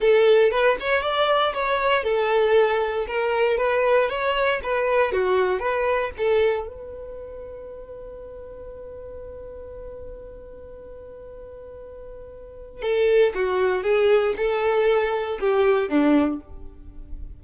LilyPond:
\new Staff \with { instrumentName = "violin" } { \time 4/4 \tempo 4 = 117 a'4 b'8 cis''8 d''4 cis''4 | a'2 ais'4 b'4 | cis''4 b'4 fis'4 b'4 | a'4 b'2.~ |
b'1~ | b'1~ | b'4 a'4 fis'4 gis'4 | a'2 g'4 d'4 | }